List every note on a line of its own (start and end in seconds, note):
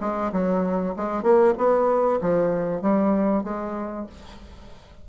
0.00 0.31 G#3
0.32 0.95 F#3
0.96 1.22 G#3
1.22 1.54 A#3
1.57 2.20 B3
2.21 2.81 F3
2.81 3.44 G3
3.44 4.06 G#3